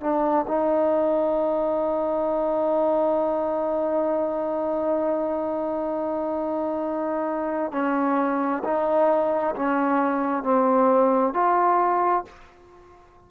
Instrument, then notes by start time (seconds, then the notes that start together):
trombone
0.00 D4
0.48 D#4
7.71 C#4
8.64 D#4
9.55 C#4
10.43 C4
11.33 F4